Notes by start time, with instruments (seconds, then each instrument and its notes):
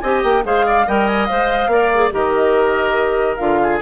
0.00 bassoon C4, clarinet G4, oboe D#5, flute G#5
0.24 bassoon A#3, flute G5
0.43 bassoon G#3, clarinet G#4, oboe C5, flute F5
0.66 oboe D5
0.87 bassoon G3, clarinet A#4, oboe D#5, flute G5
1.07 flute G#5
1.26 bassoon G#3, clarinet C5, flute F5
1.67 bassoon A#3, clarinet A#4, oboe D5
1.94 clarinet G#4
2.12 bassoon D#3, clarinet G4, oboe A#4, flute D#5
3.36 bassoon D3, clarinet F4, flute F5
3.63 oboe G#4